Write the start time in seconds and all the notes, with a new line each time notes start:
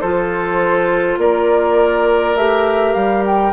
0.00 F3 F4 A4 C5
1.17 A#3 A#4 D5
2.35 A3 G4 E5
2.93 G3 F5
3.26 G5